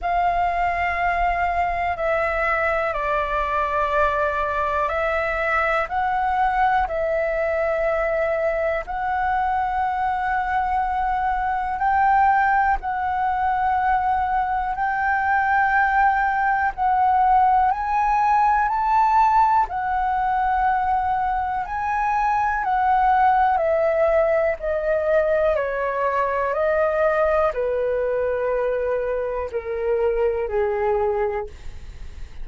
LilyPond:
\new Staff \with { instrumentName = "flute" } { \time 4/4 \tempo 4 = 61 f''2 e''4 d''4~ | d''4 e''4 fis''4 e''4~ | e''4 fis''2. | g''4 fis''2 g''4~ |
g''4 fis''4 gis''4 a''4 | fis''2 gis''4 fis''4 | e''4 dis''4 cis''4 dis''4 | b'2 ais'4 gis'4 | }